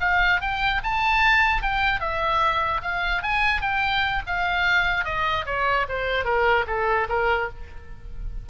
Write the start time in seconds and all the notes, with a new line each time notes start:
0.00 F5
0.41 G5
0.83 A5
1.62 G5
2.00 E5
2.82 F5
3.22 G#5
3.61 G5
4.26 F5
5.04 D#5
5.46 C#5
5.88 C5
6.24 A#4
6.67 A4
7.09 A#4